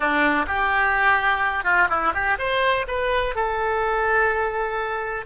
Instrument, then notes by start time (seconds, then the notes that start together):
oboe
0.00 D4
0.47 G4
1.64 F4
1.89 E4
2.13 G4
2.38 C5
2.87 B4
3.35 A4